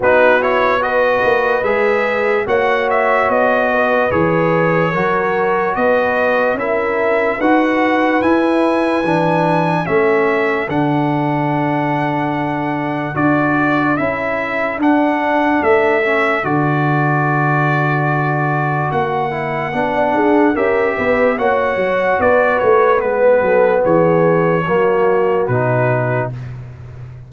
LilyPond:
<<
  \new Staff \with { instrumentName = "trumpet" } { \time 4/4 \tempo 4 = 73 b'8 cis''8 dis''4 e''4 fis''8 e''8 | dis''4 cis''2 dis''4 | e''4 fis''4 gis''2 | e''4 fis''2. |
d''4 e''4 fis''4 e''4 | d''2. fis''4~ | fis''4 e''4 fis''4 d''8 cis''8 | b'4 cis''2 b'4 | }
  \new Staff \with { instrumentName = "horn" } { \time 4/4 fis'4 b'2 cis''4~ | cis''8 b'4. ais'4 b'4 | ais'4 b'2. | a'1~ |
a'1~ | a'1~ | a'16 d''16 gis'8 ais'8 b'8 cis''4 b'4~ | b'8 a'8 gis'4 fis'2 | }
  \new Staff \with { instrumentName = "trombone" } { \time 4/4 dis'8 e'8 fis'4 gis'4 fis'4~ | fis'4 gis'4 fis'2 | e'4 fis'4 e'4 d'4 | cis'4 d'2. |
fis'4 e'4 d'4. cis'8 | fis'2.~ fis'8 e'8 | d'4 g'4 fis'2 | b2 ais4 dis'4 | }
  \new Staff \with { instrumentName = "tuba" } { \time 4/4 b4. ais8 gis4 ais4 | b4 e4 fis4 b4 | cis'4 dis'4 e'4 e4 | a4 d2. |
d'4 cis'4 d'4 a4 | d2. ais4 | b8 d'8 cis'8 b8 ais8 fis8 b8 a8 | gis8 fis8 e4 fis4 b,4 | }
>>